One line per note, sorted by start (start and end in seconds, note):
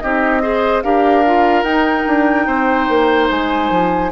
0.00 0.84 C4
0.00 0.42 D#4
0.00 0.42 G4
0.00 0.82 D#5
0.42 0.83 G#4
0.42 0.84 C5
0.83 1.63 D4
0.83 1.25 G4
0.83 2.47 A#4
0.83 1.63 F5
1.26 1.65 F4
1.63 2.04 D#4
1.63 4.12 D#4
1.63 3.27 G5
2.07 2.47 D4
2.47 2.88 C4
2.47 4.11 C5
2.89 3.30 A#3
3.30 3.71 G#3
3.30 4.12 G#5
3.71 4.12 F3